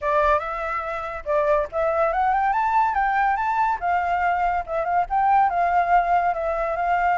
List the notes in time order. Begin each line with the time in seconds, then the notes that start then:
0.01 D5
0.39 E5
1.25 D5
1.72 E5
2.12 F#5
2.34 G5
2.53 A5
2.94 G5
3.36 A5
3.80 F5
4.66 E5
4.84 F5
5.09 G5
5.49 F5
6.34 E5
6.76 F5